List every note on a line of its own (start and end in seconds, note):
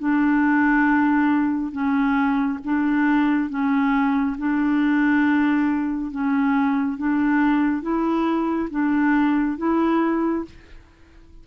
0.00 1.72 D4
1.72 2.59 C#4
2.65 3.50 D4
3.50 4.37 C#4
4.38 6.11 D4
6.11 6.98 C#4
6.98 7.83 D4
7.83 8.70 E4
8.71 9.58 D4
9.58 10.45 E4